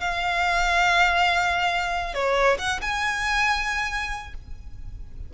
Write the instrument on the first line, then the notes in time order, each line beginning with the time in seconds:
violin
0.00 F5
2.14 C#5
2.58 F#5
2.81 G#5